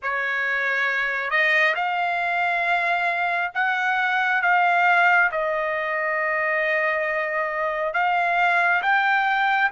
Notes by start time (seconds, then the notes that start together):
0.02 C#5
1.30 D#5
1.74 F5
3.54 F#5
4.42 F5
5.31 D#5
7.93 F5
8.82 G5